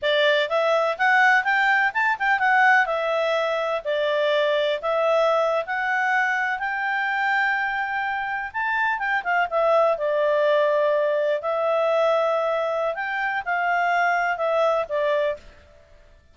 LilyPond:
\new Staff \with { instrumentName = "clarinet" } { \time 4/4 \tempo 4 = 125 d''4 e''4 fis''4 g''4 | a''8 g''8 fis''4 e''2 | d''2 e''4.~ e''16 fis''16~ | fis''4.~ fis''16 g''2~ g''16~ |
g''4.~ g''16 a''4 g''8 f''8 e''16~ | e''8. d''2. e''16~ | e''2. g''4 | f''2 e''4 d''4 | }